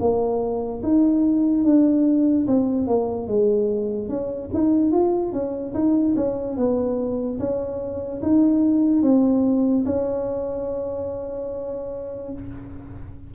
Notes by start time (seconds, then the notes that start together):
0.00 A#3
0.83 D#4
1.64 D4
2.47 C4
2.87 A#3
3.27 G#3
4.09 C#4
4.54 D#4
4.91 F4
5.32 C#4
5.74 D#4
6.16 C#4
6.57 B3
7.39 C#4
8.22 D#4
9.03 C4
9.86 C#4